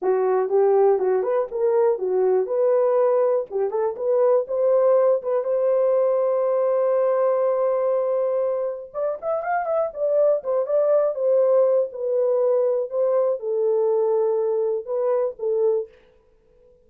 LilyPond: \new Staff \with { instrumentName = "horn" } { \time 4/4 \tempo 4 = 121 fis'4 g'4 fis'8 b'8 ais'4 | fis'4 b'2 g'8 a'8 | b'4 c''4. b'8 c''4~ | c''1~ |
c''2 d''8 e''8 f''8 e''8 | d''4 c''8 d''4 c''4. | b'2 c''4 a'4~ | a'2 b'4 a'4 | }